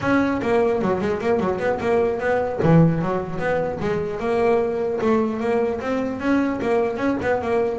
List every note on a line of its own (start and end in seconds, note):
0.01 0.41 C#4
0.42 0.81 A#3
0.81 1.00 F#3
1.00 1.20 G#3
1.21 1.39 A#3
1.39 1.59 F#3
1.59 1.79 B3
1.80 2.19 A#3
2.19 2.59 B3
2.63 3.01 E3
3.01 3.38 F#3
3.38 3.78 B3
3.79 4.19 G#3
4.19 4.99 A#3
5.01 5.40 A3
5.40 5.80 A#3
5.80 6.19 C4
6.19 6.59 C#4
6.61 6.97 A#3
6.97 7.17 C#4
7.21 7.41 B3
7.41 7.79 A#3